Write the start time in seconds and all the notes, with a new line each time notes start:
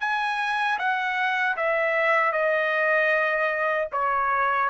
0.00 G#5
0.78 F#5
1.57 E5
2.32 D#5
3.92 C#5